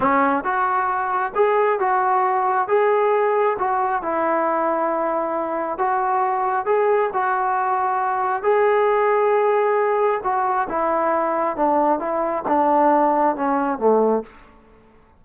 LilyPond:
\new Staff \with { instrumentName = "trombone" } { \time 4/4 \tempo 4 = 135 cis'4 fis'2 gis'4 | fis'2 gis'2 | fis'4 e'2.~ | e'4 fis'2 gis'4 |
fis'2. gis'4~ | gis'2. fis'4 | e'2 d'4 e'4 | d'2 cis'4 a4 | }